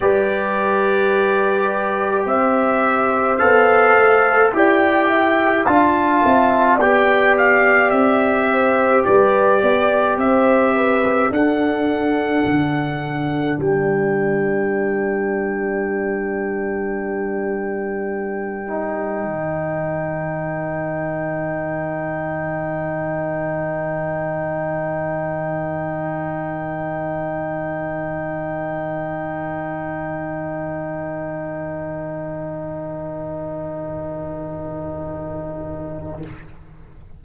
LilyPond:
<<
  \new Staff \with { instrumentName = "trumpet" } { \time 4/4 \tempo 4 = 53 d''2 e''4 f''4 | g''4 a''4 g''8 f''8 e''4 | d''4 e''4 fis''2 | g''1~ |
g''1~ | g''1~ | g''1~ | g''1 | }
  \new Staff \with { instrumentName = "horn" } { \time 4/4 b'2 c''2 | d''8 e''8 f''8 e''8 d''4. c''8 | b'8 d''8 c''8 b'8 a'2 | ais'1~ |
ais'1~ | ais'1~ | ais'1~ | ais'1 | }
  \new Staff \with { instrumentName = "trombone" } { \time 4/4 g'2. a'4 | g'4 f'4 g'2~ | g'2 d'2~ | d'1~ |
d'8 dis'2.~ dis'8~ | dis'1~ | dis'1~ | dis'1 | }
  \new Staff \with { instrumentName = "tuba" } { \time 4/4 g2 c'4 b8 a8 | e'4 d'8 c'8 b4 c'4 | g8 b8 c'4 d'4 d4 | g1~ |
g4 dis2.~ | dis1~ | dis1~ | dis1 | }
>>